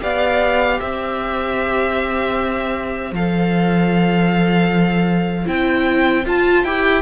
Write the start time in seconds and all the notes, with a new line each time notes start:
0.00 B3 G4 D5 F5
0.79 C4 C5 E5
3.12 F3 A4 F5
5.45 C4 E4 G5
6.25 F4 A5
6.64 E4 G4 G5